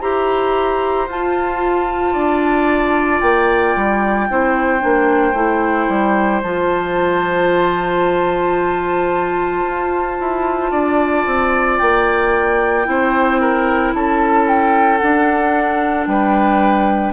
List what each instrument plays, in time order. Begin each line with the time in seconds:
0.00 bassoon E4, clarinet G4, oboe C5, flute A#5
1.07 bassoon F4, clarinet F4, flute A5
2.12 bassoon D4, oboe D5
3.20 bassoon A#3, flute G5
3.75 bassoon G3
4.29 bassoon C4, clarinet E4, oboe C5
4.79 bassoon A#3, clarinet D4
5.33 bassoon A3, clarinet E4
5.88 bassoon G3
6.42 bassoon F3, clarinet F4, flute A5
9.63 bassoon F4
10.19 bassoon E4
10.71 bassoon D4, oboe D5
11.25 bassoon C4
11.78 bassoon A#3, flute G5
12.84 bassoon C4, clarinet E4, oboe C5
13.40 oboe A#4
13.94 bassoon C#4, oboe A4, flute A5
14.48 flute G5
14.97 clarinet D4, bassoon D4, flute F#5
16.06 bassoon G3, oboe B4, flute G5